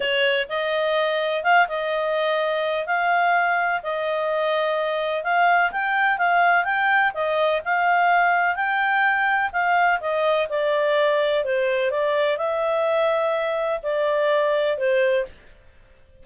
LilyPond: \new Staff \with { instrumentName = "clarinet" } { \time 4/4 \tempo 4 = 126 cis''4 dis''2 f''8 dis''8~ | dis''2 f''2 | dis''2. f''4 | g''4 f''4 g''4 dis''4 |
f''2 g''2 | f''4 dis''4 d''2 | c''4 d''4 e''2~ | e''4 d''2 c''4 | }